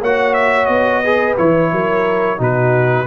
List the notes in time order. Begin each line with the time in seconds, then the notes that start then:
0.00 A#3 F#4 C#5 F#5
0.33 E5
0.65 B3 D#5
1.03 G#4 B4
1.37 E3 E4 C#5
1.72 F#3 A#4
2.37 B2 D#4 F#4 B4